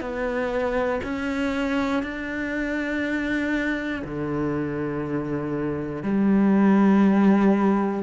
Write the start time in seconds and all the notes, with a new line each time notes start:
0.00 B3
1.04 C#4
2.02 D4
4.04 D3
6.03 G3